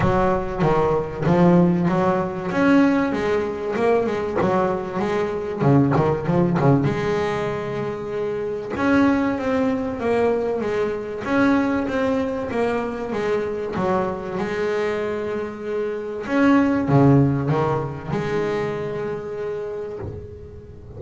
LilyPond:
\new Staff \with { instrumentName = "double bass" } { \time 4/4 \tempo 4 = 96 fis4 dis4 f4 fis4 | cis'4 gis4 ais8 gis8 fis4 | gis4 cis8 dis8 f8 cis8 gis4~ | gis2 cis'4 c'4 |
ais4 gis4 cis'4 c'4 | ais4 gis4 fis4 gis4~ | gis2 cis'4 cis4 | dis4 gis2. | }